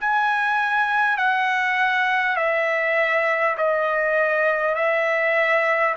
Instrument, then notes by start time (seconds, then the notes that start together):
trumpet
0.00 G#5
1.17 F#5
2.36 E5
3.57 D#5
4.75 E5